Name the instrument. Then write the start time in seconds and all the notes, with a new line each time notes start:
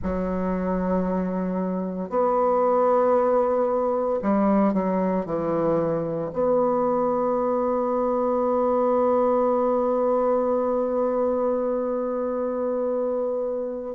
bassoon
0.02 F#3
2.09 B3
4.22 G3
4.73 F#3
5.25 E3
6.33 B3